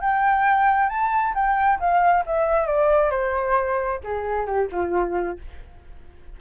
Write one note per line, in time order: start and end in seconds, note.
0.00 0.89 G5
0.89 1.34 A5
1.34 1.79 G5
1.79 2.24 F5
2.26 2.66 E5
2.66 3.10 D5
3.10 4.00 C5
4.04 4.46 G#4
4.46 4.68 G4
4.71 5.39 F4